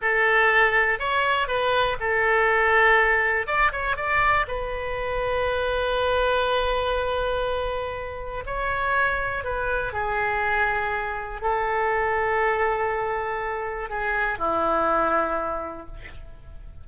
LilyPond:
\new Staff \with { instrumentName = "oboe" } { \time 4/4 \tempo 4 = 121 a'2 cis''4 b'4 | a'2. d''8 cis''8 | d''4 b'2.~ | b'1~ |
b'4 cis''2 b'4 | gis'2. a'4~ | a'1 | gis'4 e'2. | }